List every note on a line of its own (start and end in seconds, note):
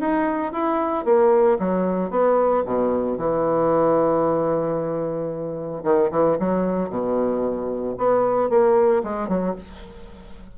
0.00 0.53 D#4
0.53 1.05 E4
1.05 1.58 A#3
1.59 2.10 F#3
2.10 2.64 B3
2.66 3.18 B2
3.18 5.84 E3
5.84 6.10 D#3
6.11 6.38 E3
6.39 6.90 F#3
6.90 7.96 B2
7.98 8.50 B3
8.50 9.03 A#3
9.04 9.28 G#3
9.28 9.55 F#3